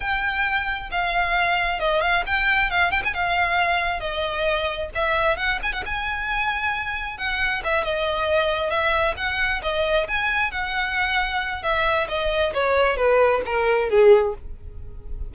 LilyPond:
\new Staff \with { instrumentName = "violin" } { \time 4/4 \tempo 4 = 134 g''2 f''2 | dis''8 f''8 g''4 f''8 g''16 gis''16 f''4~ | f''4 dis''2 e''4 | fis''8 gis''16 fis''16 gis''2. |
fis''4 e''8 dis''2 e''8~ | e''8 fis''4 dis''4 gis''4 fis''8~ | fis''2 e''4 dis''4 | cis''4 b'4 ais'4 gis'4 | }